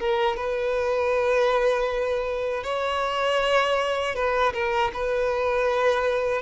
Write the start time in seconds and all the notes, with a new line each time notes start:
0.00 A#4
0.36 B4
2.64 C#5
4.15 B4
4.53 A#4
4.94 B4